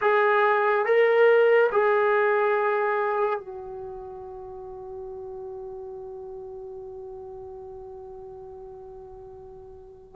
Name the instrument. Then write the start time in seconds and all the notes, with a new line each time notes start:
trombone
0.01 G#4
0.85 A#4
1.71 G#4
3.39 F#4